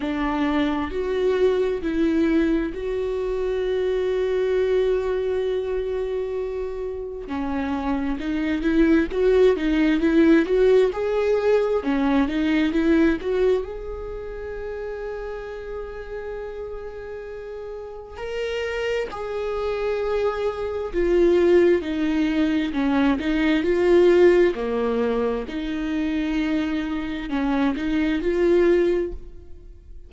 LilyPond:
\new Staff \with { instrumentName = "viola" } { \time 4/4 \tempo 4 = 66 d'4 fis'4 e'4 fis'4~ | fis'1 | cis'4 dis'8 e'8 fis'8 dis'8 e'8 fis'8 | gis'4 cis'8 dis'8 e'8 fis'8 gis'4~ |
gis'1 | ais'4 gis'2 f'4 | dis'4 cis'8 dis'8 f'4 ais4 | dis'2 cis'8 dis'8 f'4 | }